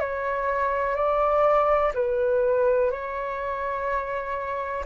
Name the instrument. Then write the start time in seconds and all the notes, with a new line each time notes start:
flute
0.00 C#5
0.95 D5
1.94 B4
2.91 C#5